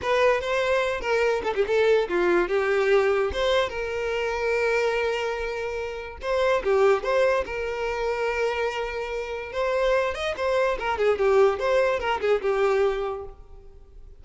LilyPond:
\new Staff \with { instrumentName = "violin" } { \time 4/4 \tempo 4 = 145 b'4 c''4. ais'4 a'16 g'16 | a'4 f'4 g'2 | c''4 ais'2.~ | ais'2. c''4 |
g'4 c''4 ais'2~ | ais'2. c''4~ | c''8 dis''8 c''4 ais'8 gis'8 g'4 | c''4 ais'8 gis'8 g'2 | }